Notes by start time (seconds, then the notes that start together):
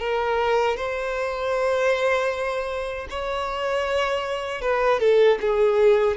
0.00 A#4
0.77 C5
3.10 C#5
4.62 B4
5.00 A4
5.41 G#4